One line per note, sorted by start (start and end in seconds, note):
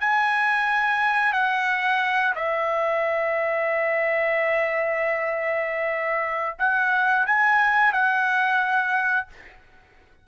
0.00 1.33 G#5
1.33 2.34 F#5
2.35 6.57 E5
6.59 7.26 F#5
7.26 7.93 G#5
7.93 9.28 F#5